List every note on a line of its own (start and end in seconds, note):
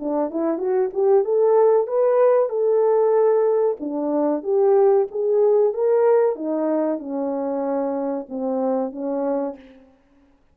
0.00 0.31 D4
0.31 0.59 E4
0.59 0.91 F#4
0.94 1.25 G4
1.25 1.88 A4
1.88 2.50 B4
2.50 3.77 A4
3.80 4.44 D4
4.44 5.07 G4
5.12 5.74 G#4
5.74 6.36 A#4
6.36 6.99 D#4
6.99 8.27 C#4
8.29 8.92 C4
8.92 9.56 C#4